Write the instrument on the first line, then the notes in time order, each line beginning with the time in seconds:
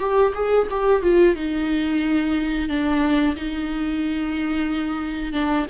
viola
0.00 G4
0.35 G#4
0.71 G4
1.03 F4
1.36 D#4
2.69 D4
3.36 D#4
5.33 D4